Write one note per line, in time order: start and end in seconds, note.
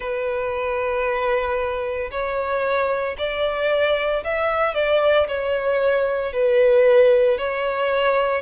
0.00 2.10 B4
2.11 3.16 C#5
3.18 4.23 D5
4.23 4.74 E5
4.74 5.27 D5
5.28 6.32 C#5
6.32 7.37 B4
7.37 8.42 C#5